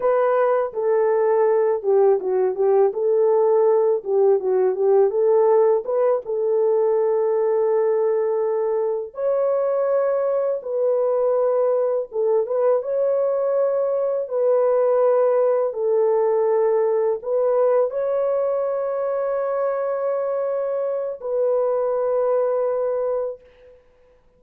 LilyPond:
\new Staff \with { instrumentName = "horn" } { \time 4/4 \tempo 4 = 82 b'4 a'4. g'8 fis'8 g'8 | a'4. g'8 fis'8 g'8 a'4 | b'8 a'2.~ a'8~ | a'8 cis''2 b'4.~ |
b'8 a'8 b'8 cis''2 b'8~ | b'4. a'2 b'8~ | b'8 cis''2.~ cis''8~ | cis''4 b'2. | }